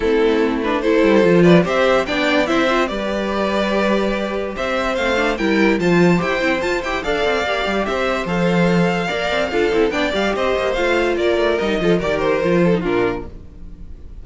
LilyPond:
<<
  \new Staff \with { instrumentName = "violin" } { \time 4/4 \tempo 4 = 145 a'4. b'8 c''4. d''8 | e''4 g''4 e''4 d''4~ | d''2. e''4 | f''4 g''4 a''4 g''4 |
a''8 g''8 f''2 e''4 | f''1 | g''8 f''8 dis''4 f''4 d''4 | dis''4 d''8 c''4. ais'4 | }
  \new Staff \with { instrumentName = "violin" } { \time 4/4 e'2 a'4. b'8 | c''4 d''4 c''4 b'4~ | b'2. c''4~ | c''4 ais'4 c''2~ |
c''4 d''2 c''4~ | c''2 d''4 a'4 | d''4 c''2 ais'4~ | ais'8 a'8 ais'4. a'8 f'4 | }
  \new Staff \with { instrumentName = "viola" } { \time 4/4 c'4. d'8 e'4 f'4 | g'4 d'4 e'8 f'8 g'4~ | g'1 | c'8 d'8 e'4 f'4 g'8 e'8 |
f'8 g'8 a'4 g'2 | a'2 ais'4 f'8 e'8 | d'8 g'4. f'2 | dis'8 f'8 g'4 f'8. dis'16 d'4 | }
  \new Staff \with { instrumentName = "cello" } { \time 4/4 a2~ a8 g8 f4 | c'4 b4 c'4 g4~ | g2. c'4 | a4 g4 f4 e'8 c'8 |
f'8 e'8 d'8 c'8 ais8 g8 c'4 | f2 ais8 c'8 d'8 c'8 | b8 g8 c'8 ais8 a4 ais8 a8 | g8 f8 dis4 f4 ais,4 | }
>>